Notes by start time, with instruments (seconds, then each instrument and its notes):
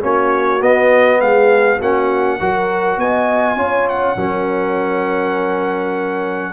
0.00 tuba A#3, trombone C#4, horn F#4, trumpet C#5
0.62 trombone B3, tuba B3, trumpet D#5
1.21 tuba G#3, horn G#4, trumpet F5
1.79 tuba A#3, trombone C#4, horn F#4, trumpet F#5
2.40 tuba F#3, trombone F#4, horn A#4
2.97 tuba B3, horn D#5, trumpet G#5
3.56 tuba C#4, trombone F4, horn C#5
3.89 trumpet F#5
4.16 tuba F#3, trombone C#4, horn A#4